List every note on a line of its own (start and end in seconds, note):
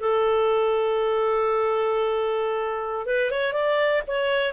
0.00 3.06 A4
3.06 3.31 B4
3.31 3.53 C#5
3.53 4.02 D5
4.08 4.53 C#5